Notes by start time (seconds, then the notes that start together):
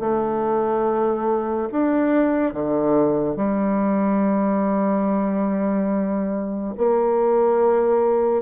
0.00 A3
1.72 D4
2.54 D3
3.36 G3
6.78 A#3